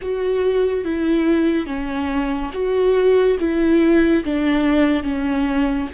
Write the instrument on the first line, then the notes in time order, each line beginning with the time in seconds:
viola
0.01 F#4
0.84 E4
1.66 C#4
2.53 F#4
3.39 E4
4.24 D4
5.03 C#4